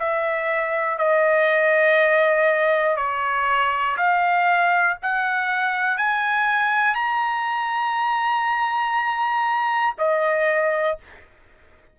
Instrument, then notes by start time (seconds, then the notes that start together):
trumpet
0.00 E5
0.98 D#5
2.97 C#5
3.97 F5
5.03 F#5
5.98 G#5
6.95 A#5
9.98 D#5